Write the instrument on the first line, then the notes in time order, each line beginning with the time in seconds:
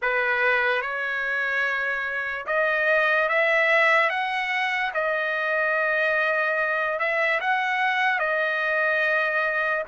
trumpet
0.01 B4
0.81 C#5
2.46 D#5
3.29 E5
4.09 F#5
4.94 D#5
6.99 E5
7.40 F#5
8.19 D#5